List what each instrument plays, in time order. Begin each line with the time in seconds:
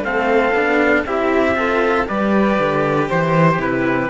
0.00 cello A3 C4, trumpet F5
0.06 violin A4
0.53 cello B3 D4
1.06 cello C4 E4, violin G4, trumpet E5
1.55 cello F4, violin A4
2.07 cello G3 G4, violin B4, trumpet D5
2.59 cello D3
3.08 cello E3, violin C5, trumpet C5
3.58 cello C3, violin E4, trumpet B4